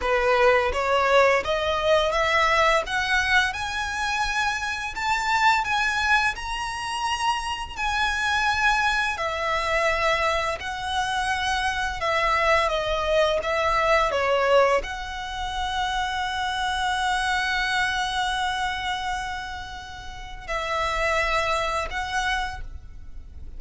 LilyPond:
\new Staff \with { instrumentName = "violin" } { \time 4/4 \tempo 4 = 85 b'4 cis''4 dis''4 e''4 | fis''4 gis''2 a''4 | gis''4 ais''2 gis''4~ | gis''4 e''2 fis''4~ |
fis''4 e''4 dis''4 e''4 | cis''4 fis''2.~ | fis''1~ | fis''4 e''2 fis''4 | }